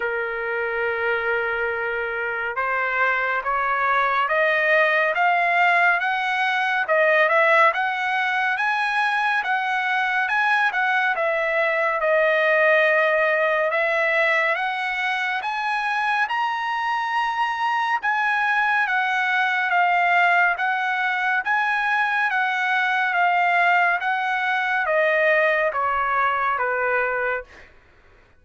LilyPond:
\new Staff \with { instrumentName = "trumpet" } { \time 4/4 \tempo 4 = 70 ais'2. c''4 | cis''4 dis''4 f''4 fis''4 | dis''8 e''8 fis''4 gis''4 fis''4 | gis''8 fis''8 e''4 dis''2 |
e''4 fis''4 gis''4 ais''4~ | ais''4 gis''4 fis''4 f''4 | fis''4 gis''4 fis''4 f''4 | fis''4 dis''4 cis''4 b'4 | }